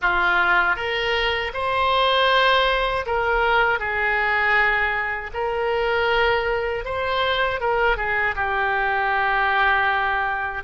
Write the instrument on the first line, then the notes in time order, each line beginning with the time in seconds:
oboe
0.01 F4
0.76 A#4
1.53 C5
3.06 A#4
3.79 G#4
5.33 A#4
6.85 C5
7.60 A#4
7.96 G#4
8.35 G4